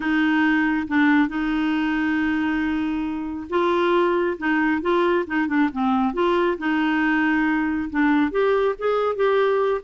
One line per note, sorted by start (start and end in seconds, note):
0.00 0.87 D#4
0.87 1.28 D4
1.28 3.47 D#4
3.49 4.37 F4
4.37 4.81 D#4
4.81 5.25 F4
5.26 5.47 D#4
5.47 5.69 D4
5.72 6.13 C4
6.13 6.57 F4
6.58 7.89 D#4
7.90 8.31 D4
8.31 8.75 G4
8.78 9.15 G#4
9.15 9.81 G4